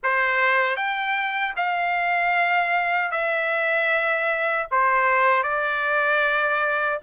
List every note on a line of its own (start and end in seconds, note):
0.03 0.76 C5
0.76 1.54 G5
1.56 3.11 F5
3.11 4.66 E5
4.71 5.43 C5
5.43 6.99 D5